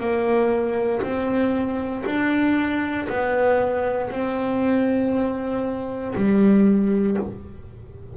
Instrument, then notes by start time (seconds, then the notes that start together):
double bass
0.00 A#3
1.02 C4
2.06 D4
3.09 B3
4.10 C4
6.15 G3